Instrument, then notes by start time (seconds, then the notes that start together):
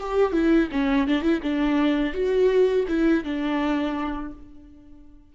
viola
0.00 G4
0.33 E4
0.72 C#4
1.08 D4
1.23 E4
1.43 D4
2.14 F#4
2.88 E4
3.24 D4